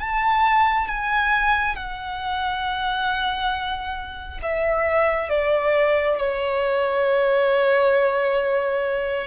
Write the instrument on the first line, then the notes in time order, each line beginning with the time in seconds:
violin
0.00 A5
0.88 G#5
1.76 F#5
4.42 E5
5.30 D5
6.18 C#5